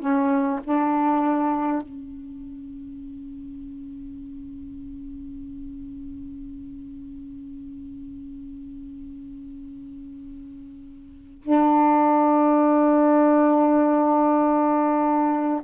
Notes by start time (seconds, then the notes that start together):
0.00 C#4
0.64 D4
1.83 C#4
11.43 D4